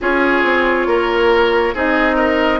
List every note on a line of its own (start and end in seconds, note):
0.01 0.43 C#4
0.01 1.74 F4
0.01 0.87 G#4
0.01 1.76 C#5
0.43 0.86 C4
0.86 1.73 A#3
0.86 1.74 A#4
1.74 2.60 C4
1.74 2.60 D#4
1.74 2.15 G#4
1.74 2.60 D#5
2.15 2.59 A#4